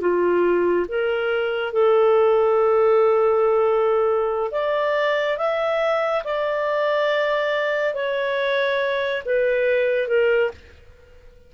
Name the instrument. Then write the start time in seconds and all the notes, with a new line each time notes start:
clarinet
0.00 F4
0.88 A#4
1.73 A4
4.51 D5
5.37 E5
6.24 D5
7.94 C#5
9.25 B4
10.08 A#4